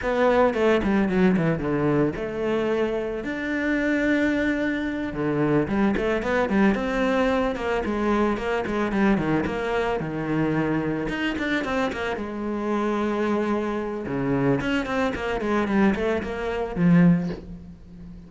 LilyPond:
\new Staff \with { instrumentName = "cello" } { \time 4/4 \tempo 4 = 111 b4 a8 g8 fis8 e8 d4 | a2 d'2~ | d'4. d4 g8 a8 b8 | g8 c'4. ais8 gis4 ais8 |
gis8 g8 dis8 ais4 dis4.~ | dis8 dis'8 d'8 c'8 ais8 gis4.~ | gis2 cis4 cis'8 c'8 | ais8 gis8 g8 a8 ais4 f4 | }